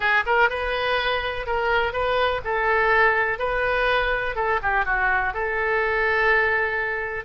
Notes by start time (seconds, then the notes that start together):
0.00 G#4
0.26 A#4
0.49 B4
1.46 A#4
1.92 B4
2.44 A4
3.38 B4
4.35 A4
4.62 G4
4.85 F#4
5.33 A4